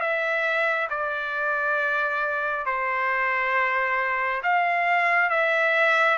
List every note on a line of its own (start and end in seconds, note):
0.00 0.88 E5
0.90 2.66 D5
2.66 4.42 C5
4.43 5.30 F5
5.30 6.18 E5